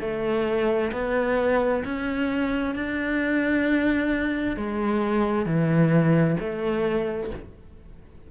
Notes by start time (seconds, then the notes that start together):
0.00 A3
0.92 B3
1.84 C#4
2.74 D4
4.56 G#3
5.45 E3
6.40 A3